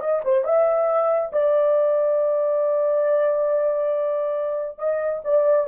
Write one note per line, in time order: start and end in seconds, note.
0.00 0.22 D#5
0.25 0.45 C5
0.45 1.32 E5
1.33 4.79 D5
4.79 5.22 D#5
5.25 5.68 D5